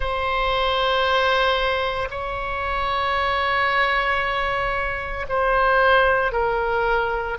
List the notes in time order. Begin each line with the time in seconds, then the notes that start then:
0.00 C5
2.10 C#5
5.29 C5
6.32 A#4